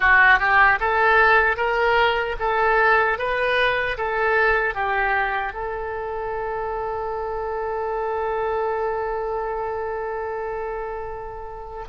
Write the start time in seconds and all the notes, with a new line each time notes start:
0.00 F#4
0.39 G4
0.80 A4
1.56 A#4
2.39 A4
3.18 B4
3.97 A4
4.74 G4
5.53 A4